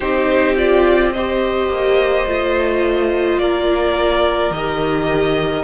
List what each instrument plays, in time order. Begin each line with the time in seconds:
0.00 cello C4, viola D#4, violin G4 C5
0.56 viola F4, violin D5
1.12 viola G4, violin C5 D#5
1.68 cello A#3
2.26 cello A3, viola F4
3.38 cello A#3, violin A#4 D5
4.50 cello D#3, viola G4, violin D#5